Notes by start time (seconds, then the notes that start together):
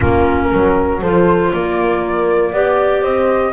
0.00 A#3 C#4 F4 A#4
0.51 F#3 A#4
1.01 F3 F4 A4 C5
1.52 A#3 A#4 D5
2.52 B3 G4 D5
3.02 C4 C5 D#5